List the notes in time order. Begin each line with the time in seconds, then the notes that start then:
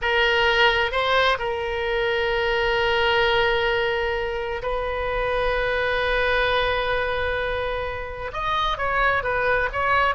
0.01 A#4
0.91 C5
1.38 A#4
4.62 B4
8.32 D#5
8.77 C#5
9.23 B4
9.72 C#5